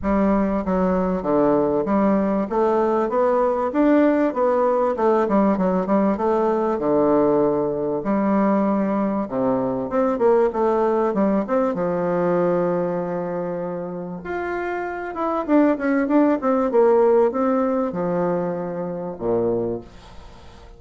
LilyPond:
\new Staff \with { instrumentName = "bassoon" } { \time 4/4 \tempo 4 = 97 g4 fis4 d4 g4 | a4 b4 d'4 b4 | a8 g8 fis8 g8 a4 d4~ | d4 g2 c4 |
c'8 ais8 a4 g8 c'8 f4~ | f2. f'4~ | f'8 e'8 d'8 cis'8 d'8 c'8 ais4 | c'4 f2 ais,4 | }